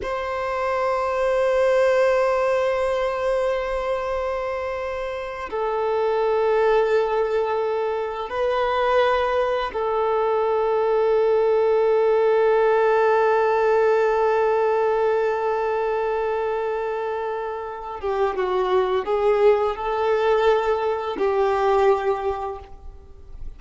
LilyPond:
\new Staff \with { instrumentName = "violin" } { \time 4/4 \tempo 4 = 85 c''1~ | c''2.~ c''8. a'16~ | a'2.~ a'8. b'16~ | b'4.~ b'16 a'2~ a'16~ |
a'1~ | a'1~ | a'4. g'8 fis'4 gis'4 | a'2 g'2 | }